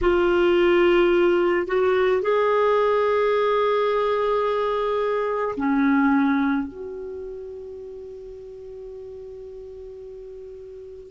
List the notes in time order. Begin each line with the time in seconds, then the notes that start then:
0.01 F4
1.67 F#4
2.22 G#4
5.57 C#4
6.67 F#4